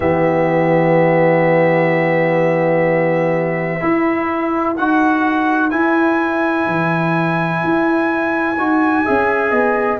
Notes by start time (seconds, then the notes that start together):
0.00 E3 B3 G4 E5
3.80 E4 B4
4.76 D#4 F#4 F#5
5.70 E4 G#5
6.66 E3
7.63 E4
8.57 D#4 F#4
9.04 C#4 G#4 E5
9.51 B3 D#5